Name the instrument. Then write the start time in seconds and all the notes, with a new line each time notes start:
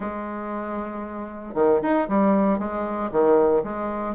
bassoon
0.00 G#3
1.54 D#3
1.82 D#4
2.08 G3
2.58 G#3
3.11 D#3
3.63 G#3